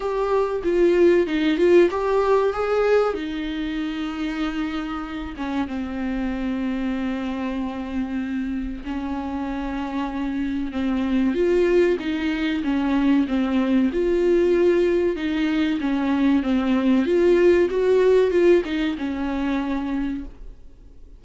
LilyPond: \new Staff \with { instrumentName = "viola" } { \time 4/4 \tempo 4 = 95 g'4 f'4 dis'8 f'8 g'4 | gis'4 dis'2.~ | dis'8 cis'8 c'2.~ | c'2 cis'2~ |
cis'4 c'4 f'4 dis'4 | cis'4 c'4 f'2 | dis'4 cis'4 c'4 f'4 | fis'4 f'8 dis'8 cis'2 | }